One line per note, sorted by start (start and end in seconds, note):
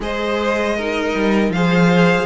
0.00 1.13 G#3
0.00 0.76 G#4
0.00 0.76 C5
0.00 1.51 D#5
0.76 1.54 D#4
0.76 1.52 A#4
1.15 1.49 G3
1.49 2.25 F3
1.49 2.25 G#4
1.49 2.25 C5
1.49 2.25 F5